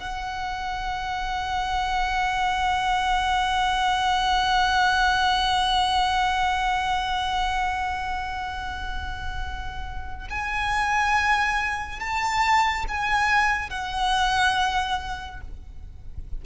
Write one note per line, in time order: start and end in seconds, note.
0.00 10.28 F#5
10.31 12.00 G#5
12.00 12.86 A5
12.89 13.70 G#5
13.70 15.42 F#5